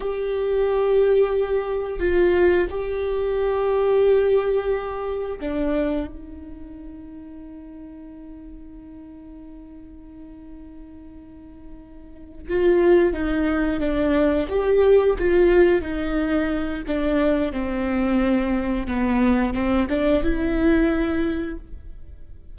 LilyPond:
\new Staff \with { instrumentName = "viola" } { \time 4/4 \tempo 4 = 89 g'2. f'4 | g'1 | d'4 dis'2.~ | dis'1~ |
dis'2~ dis'8 f'4 dis'8~ | dis'8 d'4 g'4 f'4 dis'8~ | dis'4 d'4 c'2 | b4 c'8 d'8 e'2 | }